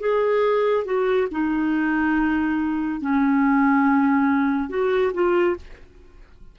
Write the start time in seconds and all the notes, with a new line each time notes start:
0.00 G#4
0.85 F#4
1.32 D#4
3.01 C#4
4.69 F#4
5.14 F4